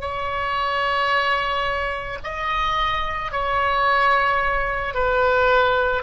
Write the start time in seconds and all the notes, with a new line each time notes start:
0.00 C#5
2.23 D#5
3.31 C#5
4.94 B4